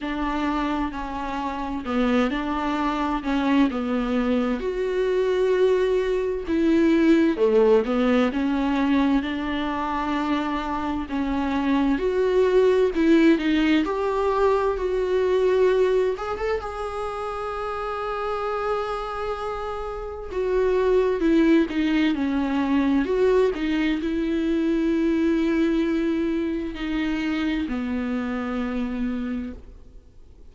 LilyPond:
\new Staff \with { instrumentName = "viola" } { \time 4/4 \tempo 4 = 65 d'4 cis'4 b8 d'4 cis'8 | b4 fis'2 e'4 | a8 b8 cis'4 d'2 | cis'4 fis'4 e'8 dis'8 g'4 |
fis'4. gis'16 a'16 gis'2~ | gis'2 fis'4 e'8 dis'8 | cis'4 fis'8 dis'8 e'2~ | e'4 dis'4 b2 | }